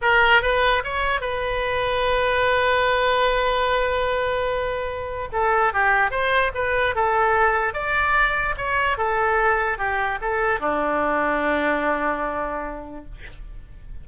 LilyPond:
\new Staff \with { instrumentName = "oboe" } { \time 4/4 \tempo 4 = 147 ais'4 b'4 cis''4 b'4~ | b'1~ | b'1~ | b'4 a'4 g'4 c''4 |
b'4 a'2 d''4~ | d''4 cis''4 a'2 | g'4 a'4 d'2~ | d'1 | }